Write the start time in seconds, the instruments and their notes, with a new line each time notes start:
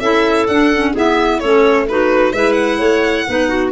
0.00 tuba C#4, clarinet E4 A4, violin E5
0.47 tuba D4, clarinet D4, violin F#5
0.75 clarinet C#4
0.92 clarinet B3 G#4, tuba E4
0.99 violin E5
1.40 tuba A3, clarinet C#4 A4, violin C#5
1.88 clarinet D#4 F#4, violin B4
2.33 tuba G#3, clarinet E4 B4, violin E5
2.52 violin F#5
2.78 tuba A3, clarinet C#5
3.28 tuba B3, clarinet D#4 B4
3.48 clarinet F#4